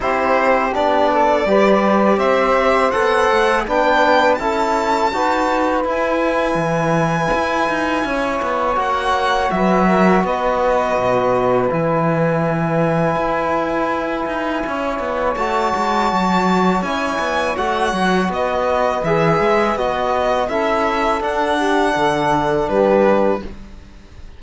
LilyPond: <<
  \new Staff \with { instrumentName = "violin" } { \time 4/4 \tempo 4 = 82 c''4 d''2 e''4 | fis''4 g''4 a''2 | gis''1 | fis''4 e''4 dis''2 |
gis''1~ | gis''4 a''2 gis''4 | fis''4 dis''4 e''4 dis''4 | e''4 fis''2 b'4 | }
  \new Staff \with { instrumentName = "saxophone" } { \time 4/4 g'4. a'8 b'4 c''4~ | c''4 b'4 a'4 b'4~ | b'2. cis''4~ | cis''4 b'8 ais'8 b'2~ |
b'1 | cis''1~ | cis''4 b'2. | a'4. g'8 a'4 g'4 | }
  \new Staff \with { instrumentName = "trombone" } { \time 4/4 e'4 d'4 g'2 | a'4 d'4 e'4 fis'4 | e'1 | fis'1 |
e'1~ | e'4 fis'2 e'4 | fis'2 gis'4 fis'4 | e'4 d'2. | }
  \new Staff \with { instrumentName = "cello" } { \time 4/4 c'4 b4 g4 c'4 | b8 a8 b4 cis'4 dis'4 | e'4 e4 e'8 dis'8 cis'8 b8 | ais4 fis4 b4 b,4 |
e2 e'4. dis'8 | cis'8 b8 a8 gis8 fis4 cis'8 b8 | a8 fis8 b4 e8 gis8 b4 | cis'4 d'4 d4 g4 | }
>>